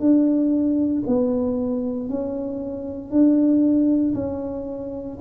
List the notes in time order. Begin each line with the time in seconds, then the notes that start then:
0.00 D4
1.07 B3
2.09 C#4
3.11 D4
4.15 C#4